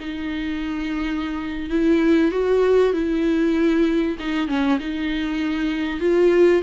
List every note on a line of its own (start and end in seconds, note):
0.00 1.70 D#4
1.70 2.31 E4
2.31 2.93 F#4
2.93 4.17 E4
4.19 4.48 D#4
4.48 4.79 C#4
4.79 6.00 D#4
6.00 6.62 F4